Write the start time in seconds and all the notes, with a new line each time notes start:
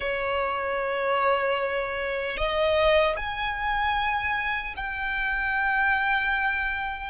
0.00 C#5
2.37 D#5
3.16 G#5
4.76 G5